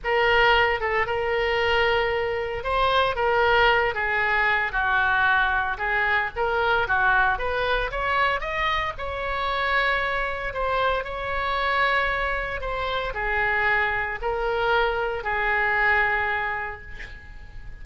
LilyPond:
\new Staff \with { instrumentName = "oboe" } { \time 4/4 \tempo 4 = 114 ais'4. a'8 ais'2~ | ais'4 c''4 ais'4. gis'8~ | gis'4 fis'2 gis'4 | ais'4 fis'4 b'4 cis''4 |
dis''4 cis''2. | c''4 cis''2. | c''4 gis'2 ais'4~ | ais'4 gis'2. | }